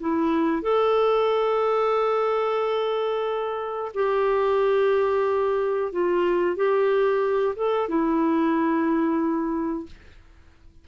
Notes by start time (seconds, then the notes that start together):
0.00 E4
0.63 A4
3.94 G4
5.93 F4
6.56 G4
7.56 A4
7.89 E4